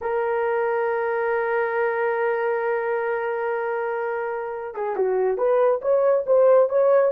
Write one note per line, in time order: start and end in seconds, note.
0.01 4.74 A#4
4.74 4.96 G#4
4.96 5.37 F#4
5.37 5.80 B4
5.81 6.24 C#5
6.26 6.69 C5
6.69 7.12 C#5